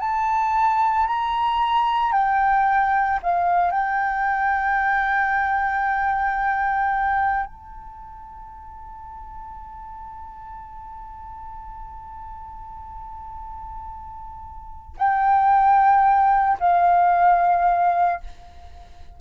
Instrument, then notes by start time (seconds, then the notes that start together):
flute
0.00 A5
1.07 A#5
2.13 G5
3.23 F5
3.72 G5
7.47 A5
14.98 G5
16.60 F5